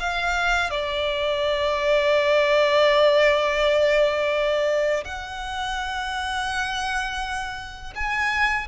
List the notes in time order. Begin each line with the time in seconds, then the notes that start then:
0.00 F5
0.71 D5
5.05 F#5
7.96 G#5